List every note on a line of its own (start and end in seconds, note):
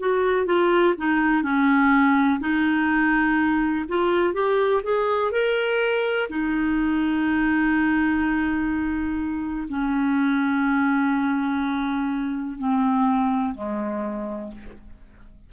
0.00 0.47 F#4
0.47 0.95 F4
0.98 1.43 D#4
1.43 2.40 C#4
2.40 3.85 D#4
3.89 4.34 F4
4.34 4.82 G4
4.84 5.32 G#4
5.32 6.29 A#4
6.30 9.69 D#4
9.70 12.59 C#4
12.59 13.55 C4
13.55 14.52 G#3